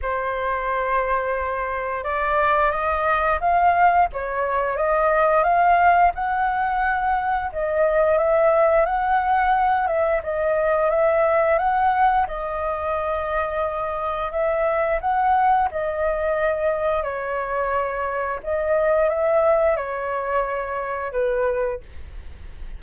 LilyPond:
\new Staff \with { instrumentName = "flute" } { \time 4/4 \tempo 4 = 88 c''2. d''4 | dis''4 f''4 cis''4 dis''4 | f''4 fis''2 dis''4 | e''4 fis''4. e''8 dis''4 |
e''4 fis''4 dis''2~ | dis''4 e''4 fis''4 dis''4~ | dis''4 cis''2 dis''4 | e''4 cis''2 b'4 | }